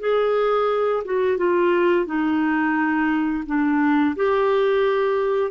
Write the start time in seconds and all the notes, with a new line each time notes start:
0.00 G#4
1.05 F#4
1.38 F4
2.06 D#4
3.46 D4
4.16 G4